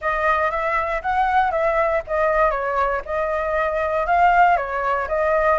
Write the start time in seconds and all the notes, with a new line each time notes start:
0.01 D#5
0.50 E5
1.02 F#5
1.51 E5
2.07 D#5
2.50 C#5
3.05 D#5
4.06 F5
4.56 C#5
5.08 D#5